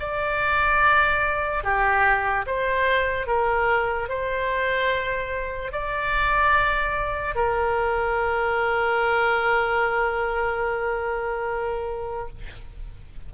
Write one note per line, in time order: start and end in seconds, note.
0.00 1.64 D5
1.64 2.46 G4
2.47 3.27 C5
3.27 4.09 A#4
4.09 5.72 C5
5.72 7.36 D5
7.36 12.29 A#4